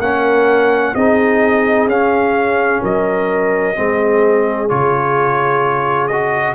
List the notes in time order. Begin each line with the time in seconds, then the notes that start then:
0.00 A#3 C#4 A#4 F#5
0.95 C4 D#4 G#4 D#5
1.87 C#4 F5
2.82 F#3 A#4 D#5
3.76 G#3 C4 G#4
4.69 C#3 F4 C#5
6.08 F#4 D#5